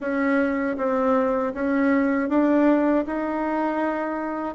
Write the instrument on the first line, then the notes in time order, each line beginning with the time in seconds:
bassoon
0.00 C#4
0.77 C4
1.54 C#4
2.29 D4
3.06 D#4